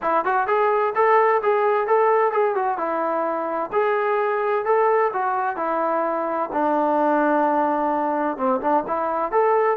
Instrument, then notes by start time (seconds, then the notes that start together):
trombone
0.02 E4
0.24 F#4
0.47 G#4
0.95 A4
1.42 G#4
1.87 A4
2.31 G#4
2.55 F#4
2.77 E4
3.72 G#4
4.65 A4
5.13 F#4
5.56 E4
6.52 D4
8.37 C4
8.60 D4
8.87 E4
9.31 A4